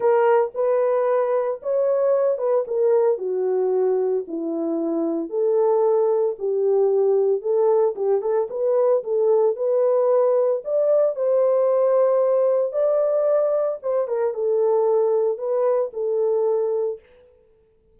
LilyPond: \new Staff \with { instrumentName = "horn" } { \time 4/4 \tempo 4 = 113 ais'4 b'2 cis''4~ | cis''8 b'8 ais'4 fis'2 | e'2 a'2 | g'2 a'4 g'8 a'8 |
b'4 a'4 b'2 | d''4 c''2. | d''2 c''8 ais'8 a'4~ | a'4 b'4 a'2 | }